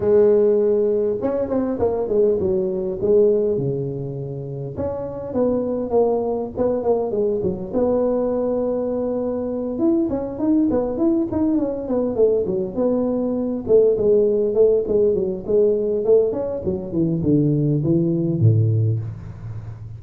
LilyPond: \new Staff \with { instrumentName = "tuba" } { \time 4/4 \tempo 4 = 101 gis2 cis'8 c'8 ais8 gis8 | fis4 gis4 cis2 | cis'4 b4 ais4 b8 ais8 | gis8 fis8 b2.~ |
b8 e'8 cis'8 dis'8 b8 e'8 dis'8 cis'8 | b8 a8 fis8 b4. a8 gis8~ | gis8 a8 gis8 fis8 gis4 a8 cis'8 | fis8 e8 d4 e4 a,4 | }